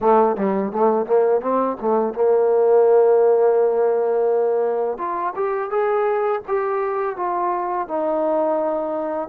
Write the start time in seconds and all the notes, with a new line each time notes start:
0.01 A3
0.36 G3
0.72 A3
1.06 A#3
1.41 C4
1.80 A3
2.14 A#3
4.97 F4
5.35 G4
5.70 G#4
6.47 G4
7.16 F4
7.88 D#4